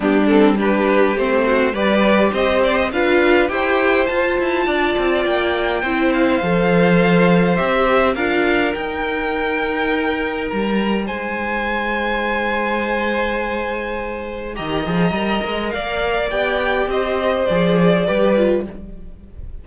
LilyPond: <<
  \new Staff \with { instrumentName = "violin" } { \time 4/4 \tempo 4 = 103 g'8 a'8 b'4 c''4 d''4 | dis''8 d''16 dis''16 f''4 g''4 a''4~ | a''4 g''4. f''4.~ | f''4 e''4 f''4 g''4~ |
g''2 ais''4 gis''4~ | gis''1~ | gis''4 ais''2 f''4 | g''4 dis''4 d''2 | }
  \new Staff \with { instrumentName = "violin" } { \time 4/4 d'4 g'4. fis'8 b'4 | c''4 b'4 c''2 | d''2 c''2~ | c''2 ais'2~ |
ais'2. c''4~ | c''1~ | c''4 dis''2 d''4~ | d''4 c''2 b'4 | }
  \new Staff \with { instrumentName = "viola" } { \time 4/4 b8 c'8 d'4 c'4 g'4~ | g'4 f'4 g'4 f'4~ | f'2 e'4 a'4~ | a'4 g'4 f'4 dis'4~ |
dis'1~ | dis'1~ | dis'4 g'8 gis'8 ais'2 | g'2 gis'4 g'8 f'8 | }
  \new Staff \with { instrumentName = "cello" } { \time 4/4 g2 a4 g4 | c'4 d'4 e'4 f'8 e'8 | d'8 c'8 ais4 c'4 f4~ | f4 c'4 d'4 dis'4~ |
dis'2 g4 gis4~ | gis1~ | gis4 dis8 f8 g8 gis8 ais4 | b4 c'4 f4 g4 | }
>>